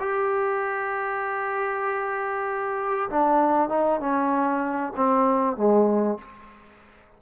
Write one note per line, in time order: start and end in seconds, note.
0.00 3.09 G4
3.10 3.69 D4
3.69 4.00 D#4
4.00 4.93 C#4
4.96 5.56 C4
5.56 6.18 G#3